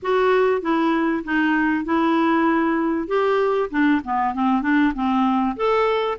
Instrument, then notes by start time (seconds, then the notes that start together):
clarinet
0.02 F#4
0.61 E4
1.24 D#4
1.84 E4
3.07 G4
3.70 D4
4.04 B3
4.34 C4
4.62 D4
4.94 C4
5.56 A4